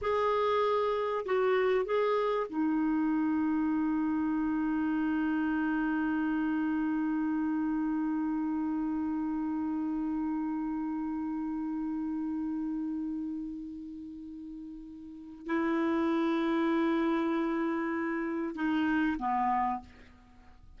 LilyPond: \new Staff \with { instrumentName = "clarinet" } { \time 4/4 \tempo 4 = 97 gis'2 fis'4 gis'4 | dis'1~ | dis'1~ | dis'1~ |
dis'1~ | dis'1~ | dis'4 e'2.~ | e'2 dis'4 b4 | }